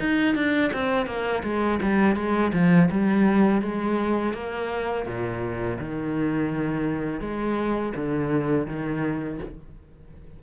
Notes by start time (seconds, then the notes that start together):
0.00 D#4
0.35 D4
0.74 C4
1.07 A#3
1.44 G#3
1.82 G3
2.16 G#3
2.53 F3
2.91 G3
3.62 G#3
4.34 A#3
5.06 A#2
5.80 D#3
7.21 G#3
7.96 D3
8.67 D#3